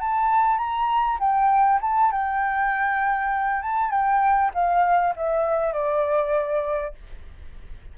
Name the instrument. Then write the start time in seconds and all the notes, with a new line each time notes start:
flute
0.00 A5
0.58 A#5
1.20 G5
1.82 A5
2.12 G5
3.62 A5
3.91 G5
4.54 F5
5.16 E5
5.73 D5